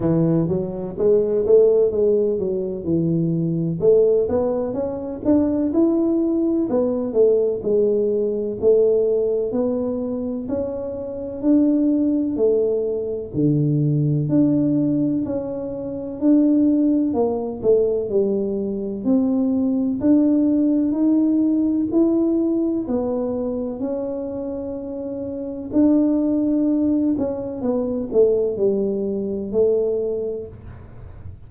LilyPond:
\new Staff \with { instrumentName = "tuba" } { \time 4/4 \tempo 4 = 63 e8 fis8 gis8 a8 gis8 fis8 e4 | a8 b8 cis'8 d'8 e'4 b8 a8 | gis4 a4 b4 cis'4 | d'4 a4 d4 d'4 |
cis'4 d'4 ais8 a8 g4 | c'4 d'4 dis'4 e'4 | b4 cis'2 d'4~ | d'8 cis'8 b8 a8 g4 a4 | }